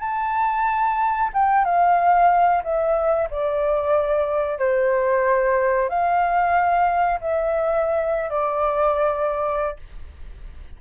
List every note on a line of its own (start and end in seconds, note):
0.00 1.30 A5
1.33 1.65 G5
1.65 2.63 F5
2.63 3.28 E5
3.30 4.59 D5
4.59 5.89 C5
5.89 7.19 F5
7.20 8.30 E5
8.30 9.76 D5